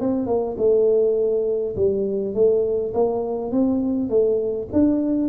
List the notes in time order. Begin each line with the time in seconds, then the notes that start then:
0.00 C4
0.26 A#3
0.57 A3
1.75 G3
2.34 A3
2.94 A#3
3.51 C4
4.09 A3
4.72 D4